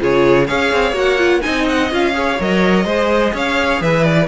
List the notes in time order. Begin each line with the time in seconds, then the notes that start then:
0.00 C#3 F4 G#4 C#5
0.47 C#4 G#4 C#5 F5
0.73 C4
0.92 A#3 F#4
0.99 F#5
1.18 F4
1.42 C4 D#4 D#5 G#5
1.69 F#5
1.91 C#4 F4 F5
2.14 G#4 C#5
2.40 F#3 A#4 D#5
2.85 G#3 G#4 C5
3.34 C#4 C#5 F5
3.81 E3 B4 E5
4.04 D5